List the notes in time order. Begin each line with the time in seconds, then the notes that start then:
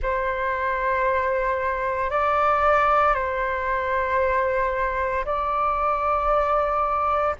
0.02 C5
2.10 D5
3.14 C5
5.25 D5